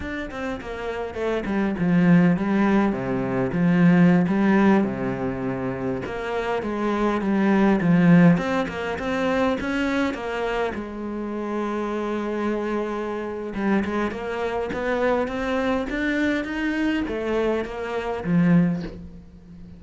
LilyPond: \new Staff \with { instrumentName = "cello" } { \time 4/4 \tempo 4 = 102 d'8 c'8 ais4 a8 g8 f4 | g4 c4 f4~ f16 g8.~ | g16 c2 ais4 gis8.~ | gis16 g4 f4 c'8 ais8 c'8.~ |
c'16 cis'4 ais4 gis4.~ gis16~ | gis2. g8 gis8 | ais4 b4 c'4 d'4 | dis'4 a4 ais4 f4 | }